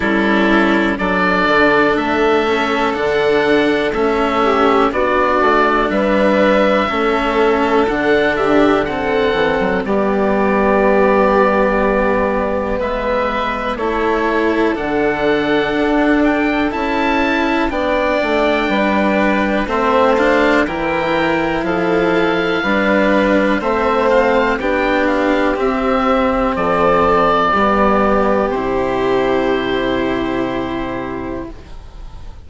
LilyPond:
<<
  \new Staff \with { instrumentName = "oboe" } { \time 4/4 \tempo 4 = 61 a'4 d''4 e''4 fis''4 | e''4 d''4 e''2 | fis''8 e''8 fis''4 d''2~ | d''4 e''4 cis''4 fis''4~ |
fis''8 g''8 a''4 g''2 | e''8 f''8 g''4 f''2 | e''8 f''8 g''8 f''8 e''4 d''4~ | d''4 c''2. | }
  \new Staff \with { instrumentName = "violin" } { \time 4/4 e'4 a'2.~ | a'8 g'8 fis'4 b'4 a'4~ | a'8 g'8 a'4 g'2~ | g'4 b'4 a'2~ |
a'2 d''4 b'4 | c''4 ais'4 a'4 b'4 | c''4 g'2 a'4 | g'1 | }
  \new Staff \with { instrumentName = "cello" } { \time 4/4 cis'4 d'4. cis'8 d'4 | cis'4 d'2 cis'4 | d'4 c'4 b2~ | b2 e'4 d'4~ |
d'4 e'4 d'2 | c'8 d'8 e'2 d'4 | c'4 d'4 c'2 | b4 e'2. | }
  \new Staff \with { instrumentName = "bassoon" } { \time 4/4 g4 fis8 d8 a4 d4 | a4 b8 a8 g4 a4 | d4. e16 fis16 g2~ | g4 gis4 a4 d4 |
d'4 cis'4 b8 a8 g4 | a4 e4 f4 g4 | a4 b4 c'4 f4 | g4 c2. | }
>>